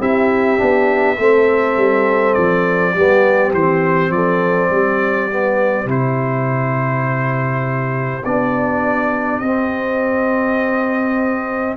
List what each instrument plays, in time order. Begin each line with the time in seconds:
0.00 tuba C4, trombone E4, horn G4, trumpet E5
0.57 tuba B3, trombone D4
1.18 tuba A3, trombone C4, horn A4
1.77 tuba G3
2.33 tuba F3, trumpet D5
2.94 tuba G3, trombone B3, horn G4
3.53 tuba E3, trombone C4, trumpet C5
4.10 tuba F3, horn A4, trumpet D5
4.70 tuba G3, horn G4
5.30 trombone B3
5.85 tuba C3, trombone E4, trumpet C5
8.24 tuba B3, trombone D4, trumpet D5
9.39 tuba C4, trombone C4, trumpet D#5